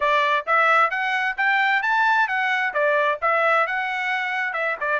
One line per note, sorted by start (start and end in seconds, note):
0.00 0.45 D5
0.46 0.90 E5
0.90 1.36 F#5
1.37 1.82 G5
1.82 2.27 A5
2.27 2.73 F#5
2.73 3.19 D5
3.21 3.66 E5
3.66 4.53 F#5
4.53 4.76 E5
4.80 4.99 D5